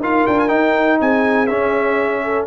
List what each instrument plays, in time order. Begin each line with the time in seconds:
0.00 tuba D#4, trombone F4, horn A#4, trumpet F5
0.27 tuba D4, trumpet G5
0.39 trumpet G#5
0.48 trombone D#4, tuba D#4, trumpet G5
1.01 tuba C4, horn G#4, trumpet G#5
1.47 tuba C#4, trombone C#4, trumpet E5
2.23 horn A4